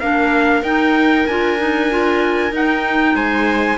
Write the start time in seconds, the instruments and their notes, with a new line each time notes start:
0.00 cello A#3, clarinet D4, viola A#4, trumpet F5
0.62 cello D#4, clarinet D#4, trumpet G5
1.27 cello D4, clarinet F4, trumpet G#5
1.58 clarinet D#4
1.90 clarinet F4
2.51 clarinet D#4, cello D#4, trumpet G5
3.15 cello G#3, viola C5, trumpet G#5